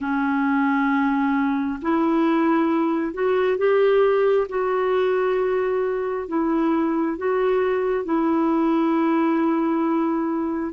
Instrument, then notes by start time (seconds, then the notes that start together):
clarinet
0.00 C#4
1.82 E4
3.13 F#4
3.57 G4
4.48 F#4
6.28 E4
7.17 F#4
8.04 E4